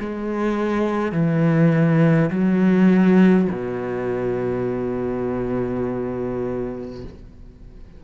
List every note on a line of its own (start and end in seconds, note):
0.00 1.12 G#3
1.12 2.30 E3
2.30 3.48 F#3
3.51 7.04 B2